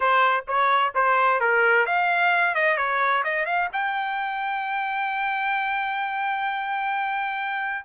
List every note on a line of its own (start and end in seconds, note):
0.00 0.44 C5
0.47 0.93 C#5
0.94 1.40 C5
1.40 1.85 A#4
1.85 2.54 F5
2.54 2.77 D#5
2.77 3.23 C#5
3.24 3.45 D#5
3.45 3.68 F5
3.72 7.85 G5